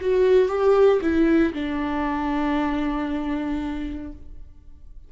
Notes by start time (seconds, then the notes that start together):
0.00 F#4
0.48 G4
1.01 E4
1.53 D4